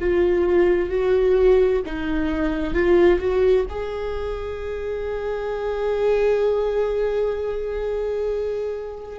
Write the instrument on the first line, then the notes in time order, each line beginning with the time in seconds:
viola
0.00 F4
0.89 F#4
1.85 D#4
2.74 F4
3.20 F#4
3.69 G#4